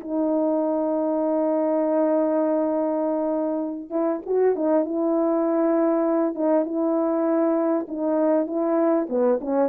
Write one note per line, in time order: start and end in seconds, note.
0.00 3.90 D#4
3.90 4.20 E4
4.25 4.55 F#4
4.55 4.85 D#4
4.85 6.34 E4
6.34 6.65 D#4
6.65 7.86 E4
7.88 8.46 D#4
8.46 9.07 E4
9.09 9.39 B3
9.40 9.69 C#4